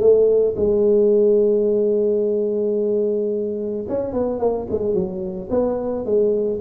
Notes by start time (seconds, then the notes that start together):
0.00 A3
0.56 G#3
3.88 C#4
4.13 B3
4.40 A#3
4.71 G#3
4.94 F#3
5.50 B3
6.05 G#3